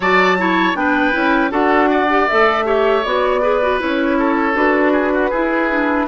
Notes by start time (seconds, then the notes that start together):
0.00 F#3 F#4 D5 A5
0.38 E4 C#5
0.74 B3 D4 B4 G5
1.12 C#4 E4
1.50 D4 F#4 A4 F#5
1.90 D5
2.09 G4
2.27 A3 A4 E5
2.65 G4 C#5
3.03 B3 F#4 D5
3.41 G#4 B4
3.61 F#4
3.79 C#4 E4 C#5
4.18 A4
4.54 D4 F#4 B4
4.92 G#4
5.13 F#4
5.30 E4 G#4
5.70 D4